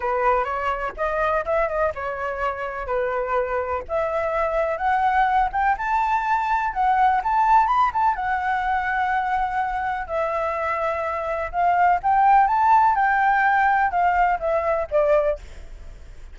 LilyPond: \new Staff \with { instrumentName = "flute" } { \time 4/4 \tempo 4 = 125 b'4 cis''4 dis''4 e''8 dis''8 | cis''2 b'2 | e''2 fis''4. g''8 | a''2 fis''4 a''4 |
b''8 a''8 fis''2.~ | fis''4 e''2. | f''4 g''4 a''4 g''4~ | g''4 f''4 e''4 d''4 | }